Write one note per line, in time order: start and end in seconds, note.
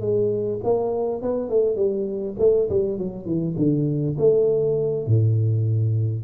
0.00 0.59 G#3
0.64 1.22 A#3
1.22 1.49 B3
1.49 1.76 A3
1.76 2.35 G3
2.39 2.69 A3
2.69 2.98 G3
2.98 3.25 F#3
3.25 3.55 E3
3.56 4.16 D3
4.18 5.06 A3
5.06 6.24 A2